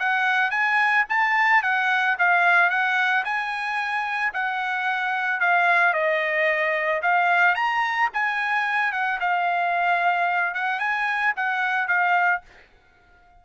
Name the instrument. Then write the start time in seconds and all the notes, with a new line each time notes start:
trumpet
0.00 F#5
0.51 G#5
1.10 A5
1.63 F#5
2.19 F5
2.70 F#5
3.25 G#5
4.34 F#5
5.41 F5
5.94 D#5
7.03 F5
7.56 A#5
8.14 G#5
8.92 F#5
9.21 F5
10.55 F#5
10.80 G#5
11.37 F#5
11.88 F5